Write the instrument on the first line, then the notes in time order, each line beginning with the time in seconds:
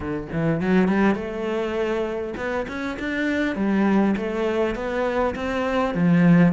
cello
0.00 D3
0.32 E3
0.60 F#3
0.87 G3
1.15 A3
2.36 B3
2.68 C#4
2.99 D4
3.55 G3
4.16 A3
4.75 B3
5.35 C4
5.94 F3